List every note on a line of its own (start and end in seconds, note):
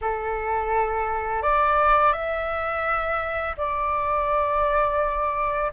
0.01 1.42 A4
1.42 2.12 D5
2.12 3.55 E5
3.57 5.71 D5